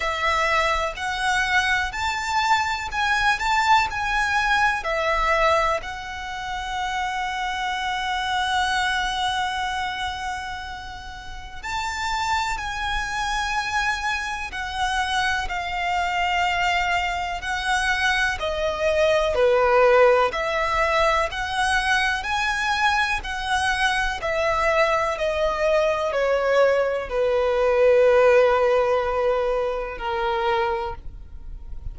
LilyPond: \new Staff \with { instrumentName = "violin" } { \time 4/4 \tempo 4 = 62 e''4 fis''4 a''4 gis''8 a''8 | gis''4 e''4 fis''2~ | fis''1 | a''4 gis''2 fis''4 |
f''2 fis''4 dis''4 | b'4 e''4 fis''4 gis''4 | fis''4 e''4 dis''4 cis''4 | b'2. ais'4 | }